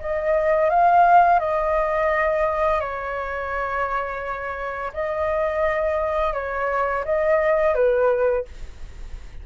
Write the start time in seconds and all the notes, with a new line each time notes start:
0.00 D#5
0.70 F5
1.40 D#5
2.80 C#5
4.94 D#5
6.34 C#5
7.05 D#5
7.75 B4